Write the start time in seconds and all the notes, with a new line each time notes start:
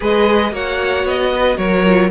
0.00 G#3 G#4 B4 D#5
0.51 A#3 F#4 C#5 F#5
1.04 B3 D#5
1.33 B4
1.57 F#3 A#4 C#5
1.84 F4